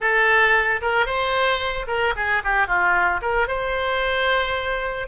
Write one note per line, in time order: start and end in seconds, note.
0.00 0.81 A4
0.81 1.05 A#4
1.05 1.86 C5
1.87 2.14 A#4
2.16 2.42 G#4
2.44 2.67 G4
2.67 3.20 F4
3.21 3.47 A#4
3.47 5.07 C5